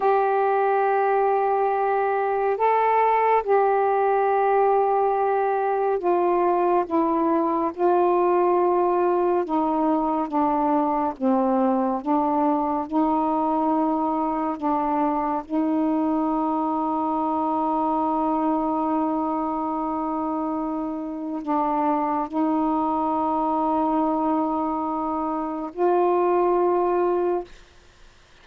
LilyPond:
\new Staff \with { instrumentName = "saxophone" } { \time 4/4 \tempo 4 = 70 g'2. a'4 | g'2. f'4 | e'4 f'2 dis'4 | d'4 c'4 d'4 dis'4~ |
dis'4 d'4 dis'2~ | dis'1~ | dis'4 d'4 dis'2~ | dis'2 f'2 | }